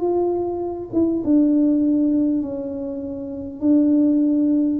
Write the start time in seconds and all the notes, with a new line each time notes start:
0.00 F4
0.93 E4
1.24 D4
2.42 C#4
3.61 D4